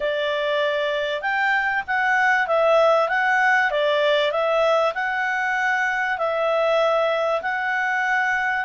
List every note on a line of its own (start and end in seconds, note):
0.00 1.21 D5
1.21 1.83 G5
1.87 2.47 F#5
2.47 3.08 E5
3.08 3.70 F#5
3.70 4.31 D5
4.31 4.93 E5
4.94 6.17 F#5
6.17 7.41 E5
7.42 8.65 F#5